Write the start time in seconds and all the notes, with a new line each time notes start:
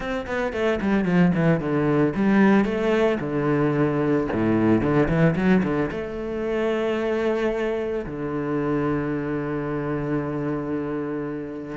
0.00 C4
0.26 B3
0.53 A3
0.81 G3
1.04 F3
1.35 E3
1.59 D3
2.15 G3
2.64 A3
3.20 D3
4.33 A2
4.81 D3
5.08 E3
5.35 F#3
5.63 D3
5.91 A3
8.06 D3